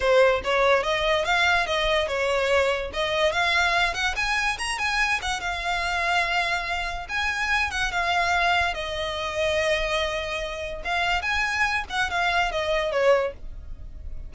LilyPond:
\new Staff \with { instrumentName = "violin" } { \time 4/4 \tempo 4 = 144 c''4 cis''4 dis''4 f''4 | dis''4 cis''2 dis''4 | f''4. fis''8 gis''4 ais''8 gis''8~ | gis''8 fis''8 f''2.~ |
f''4 gis''4. fis''8 f''4~ | f''4 dis''2.~ | dis''2 f''4 gis''4~ | gis''8 fis''8 f''4 dis''4 cis''4 | }